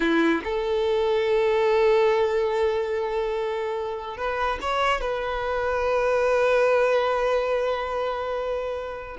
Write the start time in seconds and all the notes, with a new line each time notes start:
0.00 E4
0.44 A4
4.17 B4
4.61 C#5
5.00 B4